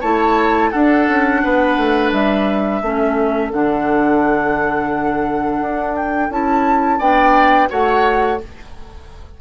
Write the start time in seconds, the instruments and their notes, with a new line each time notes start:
0.00 bassoon A3, clarinet E4, oboe C#5, flute A5
0.70 clarinet D4, bassoon D4, oboe A4, flute F#5
1.08 bassoon C#4
1.43 bassoon B3, oboe B4
1.77 bassoon A3
2.12 bassoon G3, flute E5
2.82 bassoon A3, clarinet C#4, oboe A4
3.52 bassoon D3, clarinet D4, flute F#5
5.61 bassoon D4
5.96 flute G5
6.29 bassoon C#4, clarinet E4, flute A5
6.99 bassoon B3, clarinet D4, oboe D5, flute G5
7.69 bassoon A3, clarinet F#4, oboe C#5, flute F#5